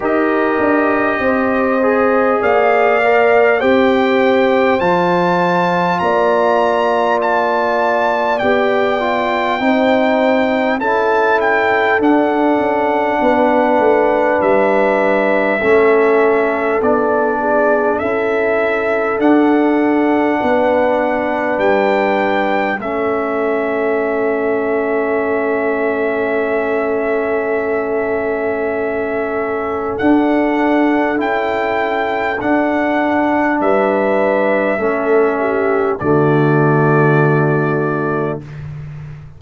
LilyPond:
<<
  \new Staff \with { instrumentName = "trumpet" } { \time 4/4 \tempo 4 = 50 dis''2 f''4 g''4 | a''4 ais''4 a''4 g''4~ | g''4 a''8 g''8 fis''2 | e''2 d''4 e''4 |
fis''2 g''4 e''4~ | e''1~ | e''4 fis''4 g''4 fis''4 | e''2 d''2 | }
  \new Staff \with { instrumentName = "horn" } { \time 4/4 ais'4 c''4 d''4 c''4~ | c''4 d''2. | c''4 a'2 b'4~ | b'4 a'4. gis'8 a'4~ |
a'4 b'2 a'4~ | a'1~ | a'1 | b'4 a'8 g'8 fis'2 | }
  \new Staff \with { instrumentName = "trombone" } { \time 4/4 g'4. gis'4 ais'8 g'4 | f'2. g'8 f'8 | dis'4 e'4 d'2~ | d'4 cis'4 d'4 e'4 |
d'2. cis'4~ | cis'1~ | cis'4 d'4 e'4 d'4~ | d'4 cis'4 a2 | }
  \new Staff \with { instrumentName = "tuba" } { \time 4/4 dis'8 d'8 c'4 ais4 c'4 | f4 ais2 b4 | c'4 cis'4 d'8 cis'8 b8 a8 | g4 a4 b4 cis'4 |
d'4 b4 g4 a4~ | a1~ | a4 d'4 cis'4 d'4 | g4 a4 d2 | }
>>